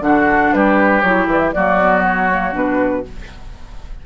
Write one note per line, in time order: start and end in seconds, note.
0.00 0.50 D3
0.00 1.02 D4
0.00 0.54 F#4
0.00 0.53 F#5
0.53 1.03 G3
0.53 1.54 G4
0.53 1.01 B4
1.01 1.26 F#3
1.01 1.55 E4
1.01 1.27 C#5
1.26 1.51 E3
1.26 1.38 D5
1.38 1.51 E5
1.53 2.53 F#3
1.53 1.80 A#3
1.53 3.06 F#4
1.53 2.03 D5
1.80 2.30 B3
2.05 2.55 C#5
2.30 2.53 A#3
2.53 3.03 B2
2.53 3.03 D4
2.53 3.06 B4